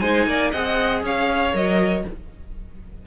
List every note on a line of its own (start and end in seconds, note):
0.00 0.26 G#3
0.00 0.52 D#4
0.00 0.26 C5
0.00 0.51 G#5
0.26 0.52 A#3
0.26 0.51 D5
0.51 1.03 C4
0.51 1.53 G#4
0.51 1.02 D#5
0.51 1.02 F#5
1.03 1.53 C#4
1.03 2.06 C#5
1.03 1.55 F5
1.53 2.04 F#3
1.53 2.03 A#4
1.53 2.06 D#5